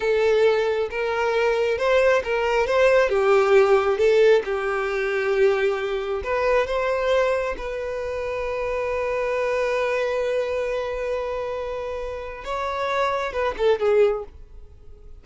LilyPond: \new Staff \with { instrumentName = "violin" } { \time 4/4 \tempo 4 = 135 a'2 ais'2 | c''4 ais'4 c''4 g'4~ | g'4 a'4 g'2~ | g'2 b'4 c''4~ |
c''4 b'2.~ | b'1~ | b'1 | cis''2 b'8 a'8 gis'4 | }